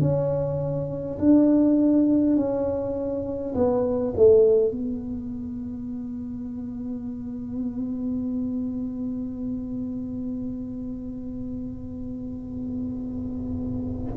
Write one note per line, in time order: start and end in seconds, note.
0.00 1.18 C#4
1.18 2.36 D4
2.36 3.53 C#4
3.55 4.13 B3
4.16 4.71 A3
4.71 14.12 B3